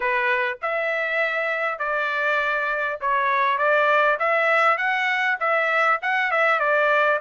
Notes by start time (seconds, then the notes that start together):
0.00 B4
0.62 E5
1.78 D5
3.00 C#5
3.58 D5
4.19 E5
4.77 F#5
5.39 E5
6.02 F#5
6.31 E5
6.59 D5